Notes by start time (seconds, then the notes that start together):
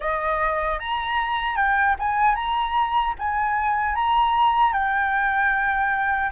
0.00 D#5
0.79 A#5
1.56 G5
1.99 G#5
2.35 A#5
3.18 G#5
3.95 A#5
4.73 G5